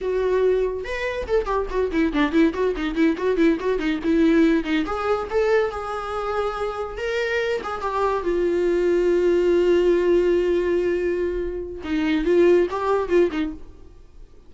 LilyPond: \new Staff \with { instrumentName = "viola" } { \time 4/4 \tempo 4 = 142 fis'2 b'4 a'8 g'8 | fis'8 e'8 d'8 e'8 fis'8 dis'8 e'8 fis'8 | e'8 fis'8 dis'8 e'4. dis'8 gis'8~ | gis'8 a'4 gis'2~ gis'8~ |
gis'8 ais'4. gis'8 g'4 f'8~ | f'1~ | f'1 | dis'4 f'4 g'4 f'8 dis'8 | }